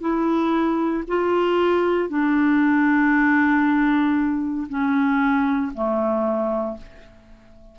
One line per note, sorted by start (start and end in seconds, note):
0.00 1.03 E4
1.08 2.09 F4
2.09 4.67 D4
4.69 5.72 C#4
5.74 6.77 A3